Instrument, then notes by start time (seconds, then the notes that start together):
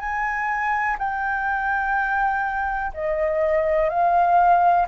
flute
0.00 G#5
0.99 G5
2.94 D#5
3.90 F5